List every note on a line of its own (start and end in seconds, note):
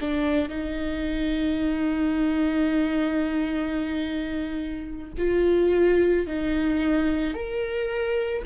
0.00 0.49 D4
0.49 5.12 D#4
5.17 6.26 F4
6.27 7.34 D#4
7.34 8.43 A#4